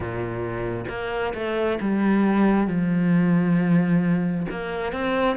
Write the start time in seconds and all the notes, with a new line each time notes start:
0.00 A#2
0.88 A#3
1.34 A3
1.81 G3
2.67 F3
4.50 A#3
4.92 C4